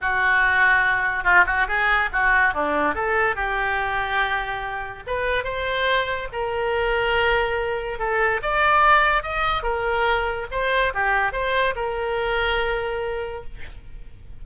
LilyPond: \new Staff \with { instrumentName = "oboe" } { \time 4/4 \tempo 4 = 143 fis'2. f'8 fis'8 | gis'4 fis'4 d'4 a'4 | g'1 | b'4 c''2 ais'4~ |
ais'2. a'4 | d''2 dis''4 ais'4~ | ais'4 c''4 g'4 c''4 | ais'1 | }